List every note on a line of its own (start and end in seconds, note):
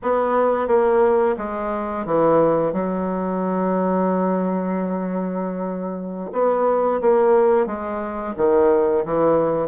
0.02 0.67 B3
0.67 1.35 A#3
1.37 2.05 G#3
2.05 2.72 E3
2.72 6.30 F#3
6.32 7.00 B3
7.01 7.66 A#3
7.66 8.34 G#3
8.36 9.04 D#3
9.05 9.68 E3